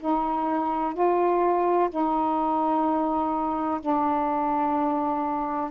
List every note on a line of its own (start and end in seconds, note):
0.00 0.94 D#4
0.94 1.89 F4
1.90 3.80 D#4
3.81 5.71 D4